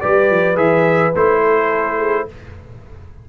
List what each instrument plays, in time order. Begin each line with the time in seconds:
0.00 tuba G3, trombone G4, horn B4, trumpet D5
0.30 tuba F3
0.55 tuba E3, trombone G#4, trumpet E5
1.14 tuba A3, trombone E4, trumpet C5
1.42 horn A4
1.97 horn G#4